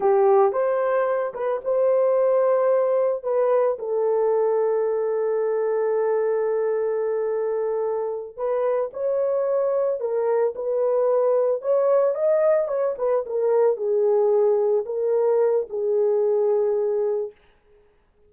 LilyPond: \new Staff \with { instrumentName = "horn" } { \time 4/4 \tempo 4 = 111 g'4 c''4. b'8 c''4~ | c''2 b'4 a'4~ | a'1~ | a'2.~ a'8 b'8~ |
b'8 cis''2 ais'4 b'8~ | b'4. cis''4 dis''4 cis''8 | b'8 ais'4 gis'2 ais'8~ | ais'4 gis'2. | }